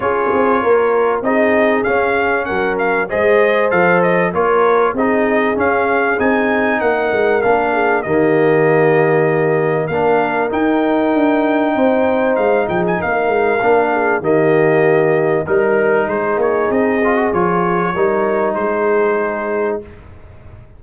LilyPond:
<<
  \new Staff \with { instrumentName = "trumpet" } { \time 4/4 \tempo 4 = 97 cis''2 dis''4 f''4 | fis''8 f''8 dis''4 f''8 dis''8 cis''4 | dis''4 f''4 gis''4 fis''4 | f''4 dis''2. |
f''4 g''2. | f''8 g''16 gis''16 f''2 dis''4~ | dis''4 ais'4 c''8 cis''8 dis''4 | cis''2 c''2 | }
  \new Staff \with { instrumentName = "horn" } { \time 4/4 gis'4 ais'4 gis'2 | ais'4 c''2 ais'4 | gis'2. ais'4~ | ais'8 gis'8 g'2. |
ais'2. c''4~ | c''8 gis'8 ais'4. gis'8 g'4~ | g'4 ais'4 gis'2~ | gis'4 ais'4 gis'2 | }
  \new Staff \with { instrumentName = "trombone" } { \time 4/4 f'2 dis'4 cis'4~ | cis'4 gis'4 a'4 f'4 | dis'4 cis'4 dis'2 | d'4 ais2. |
d'4 dis'2.~ | dis'2 d'4 ais4~ | ais4 dis'2~ dis'8 f'16 fis'16 | f'4 dis'2. | }
  \new Staff \with { instrumentName = "tuba" } { \time 4/4 cis'8 c'8 ais4 c'4 cis'4 | fis4 gis4 f4 ais4 | c'4 cis'4 c'4 ais8 gis8 | ais4 dis2. |
ais4 dis'4 d'4 c'4 | gis8 f8 ais8 gis8 ais4 dis4~ | dis4 g4 gis8 ais8 c'4 | f4 g4 gis2 | }
>>